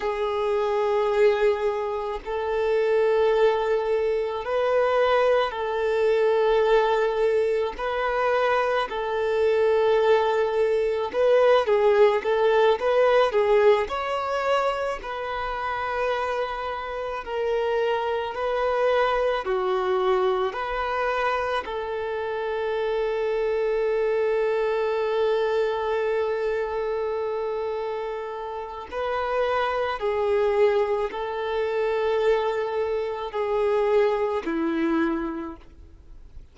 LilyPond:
\new Staff \with { instrumentName = "violin" } { \time 4/4 \tempo 4 = 54 gis'2 a'2 | b'4 a'2 b'4 | a'2 b'8 gis'8 a'8 b'8 | gis'8 cis''4 b'2 ais'8~ |
ais'8 b'4 fis'4 b'4 a'8~ | a'1~ | a'2 b'4 gis'4 | a'2 gis'4 e'4 | }